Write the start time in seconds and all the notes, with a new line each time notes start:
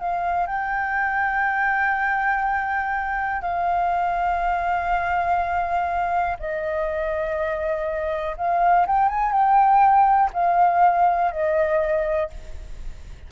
0.00 F5
0.47 G5
3.42 F5
6.40 D#5
8.37 F5
8.87 G5
9.08 G#5
9.32 G5
10.33 F5
11.32 D#5